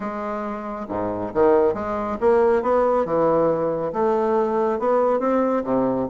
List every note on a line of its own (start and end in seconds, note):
0.00 0.86 G#3
0.89 1.32 G#2
1.33 1.74 D#3
1.74 2.17 G#3
2.20 2.62 A#3
2.62 3.05 B3
3.05 3.92 E3
3.92 4.79 A3
4.79 5.19 B3
5.19 5.63 C4
5.64 6.07 C3